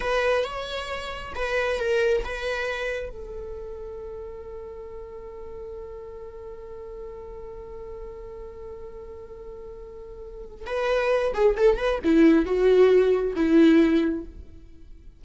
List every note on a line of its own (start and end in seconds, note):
0.00 0.44 B4
0.44 1.33 C#5
1.35 1.79 B4
1.79 2.23 A#4
2.24 3.09 B4
3.09 10.65 A4
10.66 11.33 B4
11.33 11.55 G#4
11.56 11.77 A4
11.77 11.99 B4
12.03 12.45 E4
12.45 13.34 F#4
13.35 14.24 E4